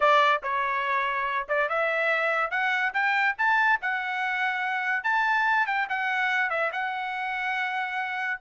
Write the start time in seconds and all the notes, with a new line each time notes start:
0.00 D5
0.42 C#5
1.48 D5
1.69 E5
2.50 F#5
2.93 G5
3.38 A5
3.81 F#5
5.03 A5
5.66 G5
5.89 F#5
6.50 E5
6.72 F#5